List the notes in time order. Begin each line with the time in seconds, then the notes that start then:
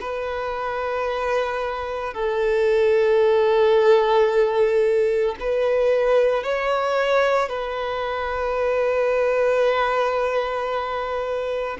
0.00 B4
2.14 A4
5.40 B4
6.43 C#5
7.49 B4